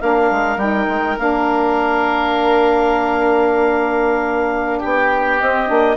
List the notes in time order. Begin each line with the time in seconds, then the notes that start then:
0.00 A#3 D4 A#4 F5
0.31 G#3
0.57 G3 D#4 G5
0.88 G#3
1.17 A#3 D4 F5
4.79 B3 G4 G5
5.40 C4 D#5
5.67 A#3 D4